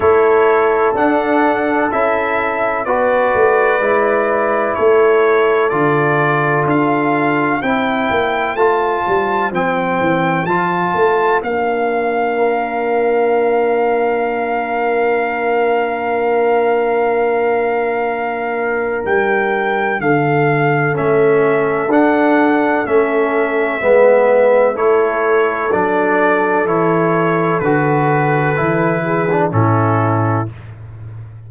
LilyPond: <<
  \new Staff \with { instrumentName = "trumpet" } { \time 4/4 \tempo 4 = 63 cis''4 fis''4 e''4 d''4~ | d''4 cis''4 d''4 f''4 | g''4 a''4 g''4 a''4 | f''1~ |
f''1 | g''4 f''4 e''4 fis''4 | e''2 cis''4 d''4 | cis''4 b'2 a'4 | }
  \new Staff \with { instrumentName = "horn" } { \time 4/4 a'2. b'4~ | b'4 a'2. | c''1~ | c''4 ais'2.~ |
ais'1~ | ais'4 a'2.~ | a'4 b'4 a'2~ | a'2~ a'8 gis'8 e'4 | }
  \new Staff \with { instrumentName = "trombone" } { \time 4/4 e'4 d'4 e'4 fis'4 | e'2 f'2 | e'4 f'4 c'4 f'4 | d'1~ |
d'1~ | d'2 cis'4 d'4 | cis'4 b4 e'4 d'4 | e'4 fis'4 e'8. d'16 cis'4 | }
  \new Staff \with { instrumentName = "tuba" } { \time 4/4 a4 d'4 cis'4 b8 a8 | gis4 a4 d4 d'4 | c'8 ais8 a8 g8 f8 e8 f8 a8 | ais1~ |
ais1 | g4 d4 a4 d'4 | a4 gis4 a4 fis4 | e4 d4 e4 a,4 | }
>>